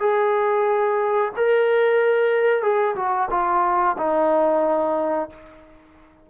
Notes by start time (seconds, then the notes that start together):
0.00 G#4
1.36 A#4
2.62 G#4
2.96 F#4
3.30 F4
3.98 D#4